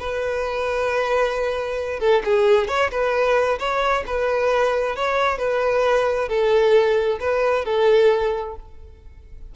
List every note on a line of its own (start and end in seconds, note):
0.00 2.00 B4
2.00 2.23 A4
2.25 2.68 G#4
2.68 2.91 C#5
2.91 3.59 B4
3.59 4.04 C#5
4.07 4.96 B4
4.96 5.38 C#5
5.38 6.29 B4
6.29 7.19 A4
7.20 7.65 B4
7.65 8.56 A4